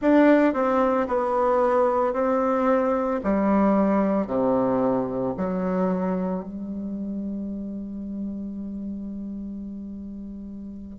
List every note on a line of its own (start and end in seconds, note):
0.01 0.53 D4
0.53 1.07 C4
1.07 2.13 B3
2.13 3.20 C4
3.23 4.27 G3
4.27 5.34 C3
5.37 6.43 F#3
6.43 10.98 G3